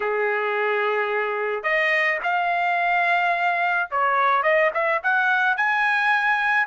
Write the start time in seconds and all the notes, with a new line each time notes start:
0.00 G#4
1.63 D#5
2.23 F5
3.90 C#5
4.43 D#5
4.73 E5
5.03 F#5
5.56 G#5